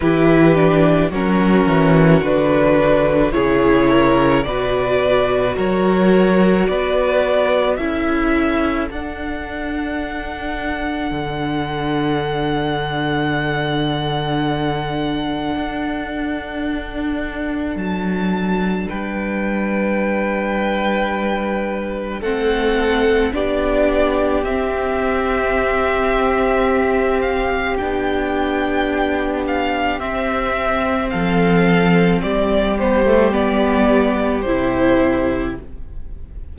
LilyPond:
<<
  \new Staff \with { instrumentName = "violin" } { \time 4/4 \tempo 4 = 54 b'4 ais'4 b'4 cis''4 | d''4 cis''4 d''4 e''4 | fis''1~ | fis''1 |
a''4 g''2. | fis''4 d''4 e''2~ | e''8 f''8 g''4. f''8 e''4 | f''4 d''8 c''8 d''4 c''4 | }
  \new Staff \with { instrumentName = "violin" } { \time 4/4 g'4 fis'2 gis'8 ais'8 | b'4 ais'4 b'4 a'4~ | a'1~ | a'1~ |
a'4 b'2. | a'4 g'2.~ | g'1 | a'4 g'2. | }
  \new Staff \with { instrumentName = "viola" } { \time 4/4 e'8 d'8 cis'4 d'4 e'4 | fis'2. e'4 | d'1~ | d'1~ |
d'1 | c'4 d'4 c'2~ | c'4 d'2 c'4~ | c'4. b16 a16 b4 e'4 | }
  \new Staff \with { instrumentName = "cello" } { \time 4/4 e4 fis8 e8 d4 cis4 | b,4 fis4 b4 cis'4 | d'2 d2~ | d2 d'2 |
fis4 g2. | a4 b4 c'2~ | c'4 b2 c'4 | f4 g2 c4 | }
>>